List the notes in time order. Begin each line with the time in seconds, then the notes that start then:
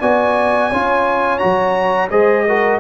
0.00 B3 F#4 D5 G#5
0.70 C#4 F4 C#5
1.39 F#3 F#4 A#5
2.10 G#3 G#4 C5 D#5
2.47 F#4 A#4